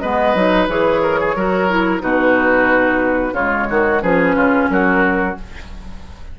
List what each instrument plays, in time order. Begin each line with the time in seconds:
0.00 bassoon G#3, clarinet B3, oboe B4, flute D#5
0.35 bassoon F#3, clarinet D#4
0.68 bassoon E3, clarinet G#4, flute C#5
1.02 oboe A#4
1.20 oboe G#4
1.35 bassoon F#3, clarinet F#4, oboe A#4
1.70 clarinet E4
1.99 bassoon B2, clarinet D#4, oboe F#4, flute B4
3.32 bassoon C#3, clarinet G#3, oboe F4, flute C#5
3.70 bassoon D#3, oboe F#4
4.02 bassoon F3, clarinet C#4, oboe G#4, flute B4
4.35 bassoon C#3, oboe F4
4.70 bassoon F#3, oboe F#4, flute A#4